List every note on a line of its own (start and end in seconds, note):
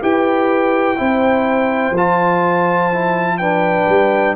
0.00 0.99 E4
0.00 0.96 G4
0.00 0.98 B4
0.00 1.96 G5
0.96 1.90 C4
0.96 1.93 E4
0.96 3.39 C5
1.90 3.84 F3
1.90 2.92 F4
1.97 3.37 A5
2.92 3.41 E4
3.37 4.35 D4
3.37 4.35 B4
3.37 4.34 G5
3.88 4.35 G3